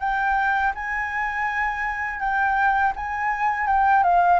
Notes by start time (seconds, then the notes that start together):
0.00 G5
0.75 G#5
2.20 G5
2.96 G#5
3.67 G5
4.03 F5